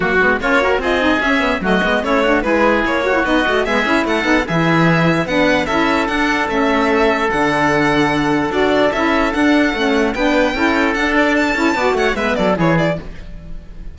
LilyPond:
<<
  \new Staff \with { instrumentName = "violin" } { \time 4/4 \tempo 4 = 148 fis'4 cis''4 dis''4 e''4 | dis''4 cis''4 b'4 cis''4 | dis''4 e''4 fis''4 e''4~ | e''4 fis''4 e''4 fis''4 |
e''2 fis''2~ | fis''4 d''4 e''4 fis''4~ | fis''4 g''2 fis''8 d''8 | a''4. fis''8 e''8 d''8 cis''8 d''8 | }
  \new Staff \with { instrumentName = "oboe" } { \time 4/4 fis'4 f'8 ais'8 gis'2 | fis'4 e'8 fis'8 gis'4. fis'8~ | fis'4 gis'4 a'4 gis'4~ | gis'4 b'4 a'2~ |
a'1~ | a'1~ | a'4 b'4 a'2~ | a'4 d''8 cis''8 b'8 a'8 gis'4 | }
  \new Staff \with { instrumentName = "saxophone" } { \time 4/4 ais8 b8 cis'8 fis'8 f'8 dis'8 cis'8 b8 | a8 b8 cis'8 d'8 e'4. fis'16 e'16 | dis'8 fis'8 b8 e'4 dis'8 e'4~ | e'4 d'4 e'4 d'4 |
cis'2 d'2~ | d'4 fis'4 e'4 d'4 | cis'4 d'4 e'4 d'4~ | d'8 e'8 fis'4 b4 e'4 | }
  \new Staff \with { instrumentName = "cello" } { \time 4/4 fis8 gis8 ais4 c'4 cis'4 | fis8 gis8 a4 gis4 ais4 | b8 a8 gis8 cis'8 a8 b8 e4~ | e4 b4 cis'4 d'4 |
a2 d2~ | d4 d'4 cis'4 d'4 | a4 b4 cis'4 d'4~ | d'8 cis'8 b8 a8 gis8 fis8 e4 | }
>>